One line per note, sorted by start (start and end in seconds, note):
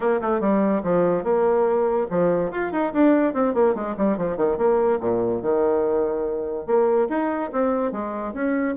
0.00 0.20 A#3
0.21 0.40 A3
0.40 0.82 G3
0.83 1.23 F3
1.23 2.06 A#3
2.10 2.51 F3
2.51 2.71 F4
2.72 2.92 D#4
2.93 3.33 D4
3.33 3.54 C4
3.54 3.74 A#3
3.74 3.95 G#3
3.97 4.17 G3
4.17 4.36 F3
4.36 4.57 D#3
4.57 4.99 A#3
5.00 5.42 A#2
5.42 6.66 D#3
6.66 7.08 A#3
7.09 7.50 D#4
7.52 7.91 C4
7.91 8.33 G#3
8.33 8.75 C#4